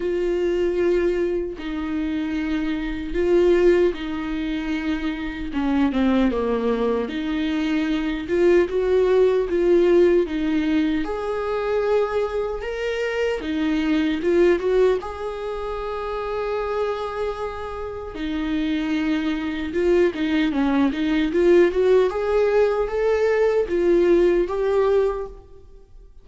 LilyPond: \new Staff \with { instrumentName = "viola" } { \time 4/4 \tempo 4 = 76 f'2 dis'2 | f'4 dis'2 cis'8 c'8 | ais4 dis'4. f'8 fis'4 | f'4 dis'4 gis'2 |
ais'4 dis'4 f'8 fis'8 gis'4~ | gis'2. dis'4~ | dis'4 f'8 dis'8 cis'8 dis'8 f'8 fis'8 | gis'4 a'4 f'4 g'4 | }